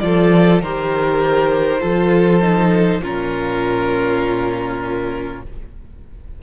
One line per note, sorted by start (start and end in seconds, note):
0.00 0.62 F3
0.00 0.62 F4
0.00 0.62 A4
0.00 0.60 D5
0.62 1.82 D#3
0.62 1.80 G4
0.62 1.81 A#4
0.62 3.03 C5
1.80 3.02 F3
1.80 2.40 F4
1.80 3.01 A4
2.42 3.02 D#4
3.02 5.42 A#2
3.02 5.43 C#4
3.02 5.43 F4
3.02 5.43 A#4